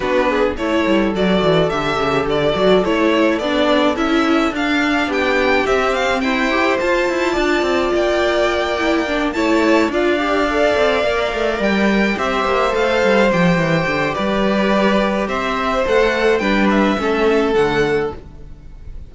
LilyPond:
<<
  \new Staff \with { instrumentName = "violin" } { \time 4/4 \tempo 4 = 106 b'4 cis''4 d''4 e''4 | d''4 cis''4 d''4 e''4 | f''4 g''4 e''8 f''8 g''4 | a''2 g''2~ |
g''8 a''4 f''2~ f''8~ | f''8 g''4 e''4 f''4 g''8~ | g''4 d''2 e''4 | fis''4 g''8 e''4. fis''4 | }
  \new Staff \with { instrumentName = "violin" } { \time 4/4 fis'8 gis'8 a'2.~ | a'1~ | a'4 g'2 c''4~ | c''4 d''2.~ |
d''8 cis''4 d''2~ d''8~ | d''4. c''2~ c''8~ | c''4 b'2 c''4~ | c''4 b'4 a'2 | }
  \new Staff \with { instrumentName = "viola" } { \time 4/4 d'4 e'4 fis'4 g'4~ | g'8 fis'8 e'4 d'4 e'4 | d'2 c'4. g'8 | f'2.~ f'8 e'8 |
d'8 e'4 f'8 g'8 a'4 ais'8~ | ais'4. g'4 a'4 g'8~ | g'1 | a'4 d'4 cis'4 a4 | }
  \new Staff \with { instrumentName = "cello" } { \time 4/4 b4 a8 g8 fis8 e8 d8 cis8 | d8 fis8 a4 b4 cis'4 | d'4 b4 c'4 e'4 | f'8 e'8 d'8 c'8 ais2~ |
ais8 a4 d'4. c'8 ais8 | a8 g4 c'8 ais8 a8 g8 f8 | e8 d8 g2 c'4 | a4 g4 a4 d4 | }
>>